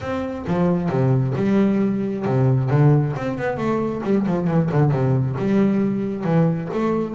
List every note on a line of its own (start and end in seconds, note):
0.00 0.45 C4
0.47 0.89 F3
0.89 1.33 C3
1.35 2.25 G3
2.25 2.70 C3
2.70 3.14 D3
3.16 3.38 C4
3.38 3.57 B3
3.57 4.02 A3
4.03 4.26 G3
4.26 4.47 F3
4.47 4.69 E3
4.71 4.91 D3
4.91 5.35 C3
5.38 6.24 G3
6.24 6.68 E3
6.73 7.15 A3